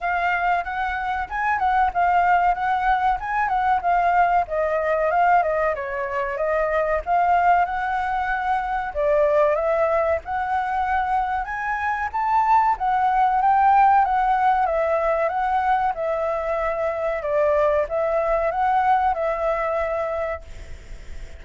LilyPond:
\new Staff \with { instrumentName = "flute" } { \time 4/4 \tempo 4 = 94 f''4 fis''4 gis''8 fis''8 f''4 | fis''4 gis''8 fis''8 f''4 dis''4 | f''8 dis''8 cis''4 dis''4 f''4 | fis''2 d''4 e''4 |
fis''2 gis''4 a''4 | fis''4 g''4 fis''4 e''4 | fis''4 e''2 d''4 | e''4 fis''4 e''2 | }